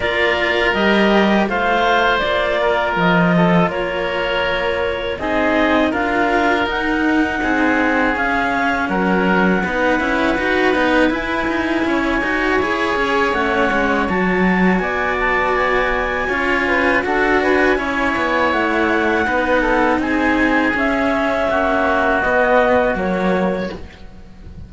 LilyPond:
<<
  \new Staff \with { instrumentName = "clarinet" } { \time 4/4 \tempo 4 = 81 d''4 dis''4 f''4 d''4 | dis''4 cis''2 dis''4 | f''4 fis''2 f''4 | fis''2. gis''4~ |
gis''2 fis''4 a''4 | gis''8 a''8 gis''2 fis''8 gis''8~ | gis''4 fis''2 gis''4 | e''2 dis''4 cis''4 | }
  \new Staff \with { instrumentName = "oboe" } { \time 4/4 ais'2 c''4. ais'8~ | ais'8 a'8 ais'2 gis'4 | ais'2 gis'2 | ais'4 b'2. |
cis''1 | d''2 cis''8 b'8 a'8 b'8 | cis''2 b'8 a'8 gis'4~ | gis'4 fis'2. | }
  \new Staff \with { instrumentName = "cello" } { \time 4/4 f'4 g'4 f'2~ | f'2. dis'4 | f'4 dis'2 cis'4~ | cis'4 dis'8 e'8 fis'8 dis'8 e'4~ |
e'8 fis'8 gis'4 cis'4 fis'4~ | fis'2 f'4 fis'4 | e'2 dis'2 | cis'2 b4 ais4 | }
  \new Staff \with { instrumentName = "cello" } { \time 4/4 ais4 g4 a4 ais4 | f4 ais2 c'4 | d'4 dis'4 c'4 cis'4 | fis4 b8 cis'8 dis'8 b8 e'8 dis'8 |
cis'8 dis'8 e'8 cis'8 a8 gis8 fis4 | b2 cis'4 d'4 | cis'8 b8 a4 b4 c'4 | cis'4 ais4 b4 fis4 | }
>>